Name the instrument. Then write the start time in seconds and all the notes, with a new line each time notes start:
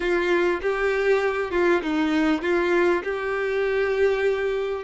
violin
0.00 F4
0.61 G4
1.51 F4
1.82 D#4
2.42 F4
3.03 G4